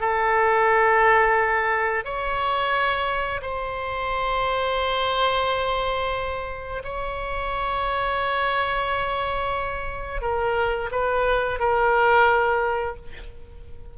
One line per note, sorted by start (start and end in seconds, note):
0.00 2.05 A4
2.05 3.41 C#5
3.42 6.83 C5
6.84 10.21 C#5
10.21 10.90 A#4
10.91 11.59 B4
11.59 12.96 A#4